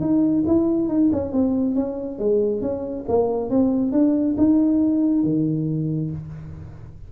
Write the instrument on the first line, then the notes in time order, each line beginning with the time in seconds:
tuba
0.00 D#4
0.46 E4
0.88 D#4
1.12 C#4
1.32 C4
1.75 C#4
2.18 G#3
2.61 C#4
3.08 A#3
3.50 C4
3.92 D4
4.37 D#4
5.23 D#3